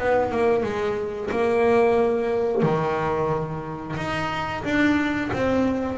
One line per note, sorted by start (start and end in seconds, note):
0.00 0.32 B3
0.32 0.64 A#3
0.64 1.30 G#3
1.31 2.63 A#3
2.63 3.96 D#3
3.97 4.64 D#4
4.65 5.31 D4
5.33 5.98 C4